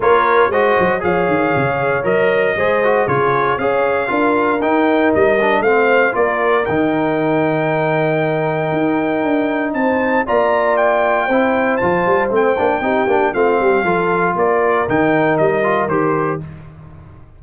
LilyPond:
<<
  \new Staff \with { instrumentName = "trumpet" } { \time 4/4 \tempo 4 = 117 cis''4 dis''4 f''2 | dis''2 cis''4 f''4~ | f''4 g''4 dis''4 f''4 | d''4 g''2.~ |
g''2. a''4 | ais''4 g''2 a''4 | g''2 f''2 | d''4 g''4 dis''4 c''4 | }
  \new Staff \with { instrumentName = "horn" } { \time 4/4 ais'4 c''4 cis''2~ | cis''4 c''4 gis'4 cis''4 | ais'2. c''4 | ais'1~ |
ais'2. c''4 | d''2 c''2~ | c''4 g'4 f'8 g'8 a'4 | ais'1 | }
  \new Staff \with { instrumentName = "trombone" } { \time 4/4 f'4 fis'4 gis'2 | ais'4 gis'8 fis'8 f'4 gis'4 | f'4 dis'4. d'8 c'4 | f'4 dis'2.~ |
dis'1 | f'2 e'4 f'4 | c'8 d'8 dis'8 d'8 c'4 f'4~ | f'4 dis'4. f'8 g'4 | }
  \new Staff \with { instrumentName = "tuba" } { \time 4/4 ais4 gis8 fis8 f8 dis8 cis4 | fis4 gis4 cis4 cis'4 | d'4 dis'4 g4 a4 | ais4 dis2.~ |
dis4 dis'4 d'4 c'4 | ais2 c'4 f8 g8 | a8 ais8 c'8 ais8 a8 g8 f4 | ais4 dis4 g4 dis4 | }
>>